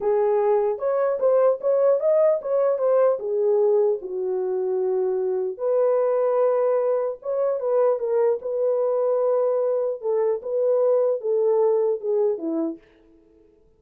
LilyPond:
\new Staff \with { instrumentName = "horn" } { \time 4/4 \tempo 4 = 150 gis'2 cis''4 c''4 | cis''4 dis''4 cis''4 c''4 | gis'2 fis'2~ | fis'2 b'2~ |
b'2 cis''4 b'4 | ais'4 b'2.~ | b'4 a'4 b'2 | a'2 gis'4 e'4 | }